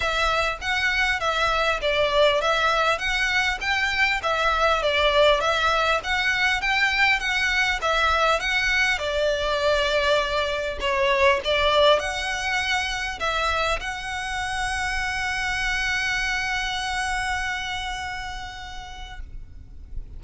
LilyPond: \new Staff \with { instrumentName = "violin" } { \time 4/4 \tempo 4 = 100 e''4 fis''4 e''4 d''4 | e''4 fis''4 g''4 e''4 | d''4 e''4 fis''4 g''4 | fis''4 e''4 fis''4 d''4~ |
d''2 cis''4 d''4 | fis''2 e''4 fis''4~ | fis''1~ | fis''1 | }